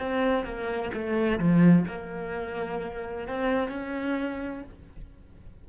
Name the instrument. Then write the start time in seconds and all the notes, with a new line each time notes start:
cello
0.00 C4
0.45 A#3
0.94 A3
1.39 F3
1.88 A#3
3.29 C4
3.69 C#4